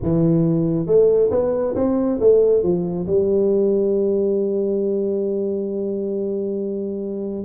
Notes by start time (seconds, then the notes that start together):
0.02 E3
0.86 A3
1.31 B3
1.75 C4
2.19 A3
2.62 F3
3.07 G3